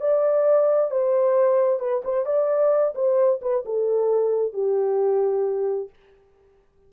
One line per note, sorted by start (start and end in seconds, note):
0.00 0.91 D5
0.91 1.79 C5
1.79 2.02 B4
2.04 2.25 C5
2.25 2.94 D5
2.95 3.40 C5
3.41 3.64 B4
3.65 4.53 A4
4.53 5.89 G4